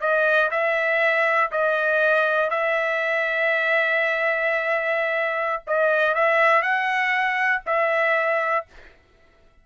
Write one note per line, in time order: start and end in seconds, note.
0.00 0.50 D#5
0.51 1.51 E5
1.51 2.50 D#5
2.50 5.62 E5
5.67 6.15 D#5
6.15 6.62 E5
6.62 7.62 F#5
7.66 8.66 E5